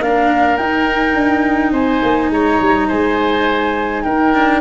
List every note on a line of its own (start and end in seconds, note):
0.00 0.58 A#3
0.00 0.58 D4
0.00 1.72 A#4
0.00 0.57 F5
0.57 4.33 D#4
0.57 1.14 D#4
0.57 1.72 G5
1.14 1.72 D4
1.72 2.00 C4
1.72 2.30 C5
1.72 2.31 G#5
2.03 2.30 A#3
2.30 2.59 G#3
2.30 2.88 C#5
2.30 2.89 A#5
2.60 2.89 G3
2.88 4.05 G#3
2.88 4.03 C5
2.88 4.03 G#5
4.03 4.61 D#4
4.03 4.61 A#4
4.03 4.61 G5
4.33 4.61 D4